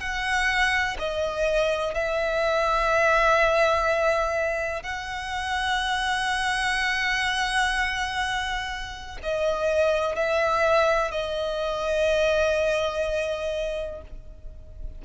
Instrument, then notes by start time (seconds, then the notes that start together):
violin
0.00 F#5
0.99 D#5
1.94 E5
4.83 F#5
9.23 D#5
10.16 E5
11.11 D#5